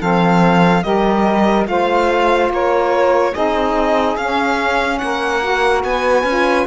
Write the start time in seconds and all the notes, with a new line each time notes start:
0.00 F3 C4 A4 F5
0.84 G3 G4 A#4 D#5
1.65 A3 F4 C5 F5
2.50 A#3 A#4 C#5
3.32 C4 D#4 G#4 D#5
4.17 C#4 F5
4.99 A#3 A#4 F#5
5.42 F#4
5.84 B3 B4 G#5
6.24 C#4 F4